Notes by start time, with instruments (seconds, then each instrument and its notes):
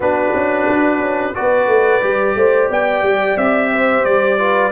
0.00 tuba B3, trombone D4, horn F#4, trumpet B4
0.33 tuba C#4
0.69 tuba D4
1.00 tuba C#4
1.34 tuba B3, trombone F#4, horn B4, trumpet D5
1.66 tuba A3
2.01 tuba G3, trombone G4
2.35 tuba A3, horn C5
2.69 tuba B3, horn D5, trumpet G5
3.02 tuba G3
3.36 tuba C4, trumpet E5
3.72 horn C5
4.04 tuba G3, trumpet D5
4.38 trombone F4, horn B4